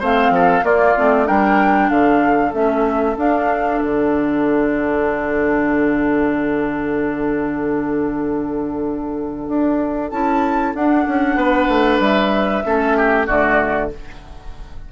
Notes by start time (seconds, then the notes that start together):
0.00 A3 C4 C5 F5
0.30 F3 A4
0.63 A#3 F4 D5
0.97 A3 C4
1.26 G3 D4 A#4 G5
1.90 D3 A4 F5
2.53 A3 C#4 E5
3.17 D4 F5
3.82 D3 F#5
9.48 D4
10.11 C#4 E4 A5
10.75 D4 F#5
11.08 C#4
11.36 B3 B4
11.69 A3
12.00 G3 E5
12.65 A3 C#4 A4
12.97 G4
13.27 D3 A3 F#4 D5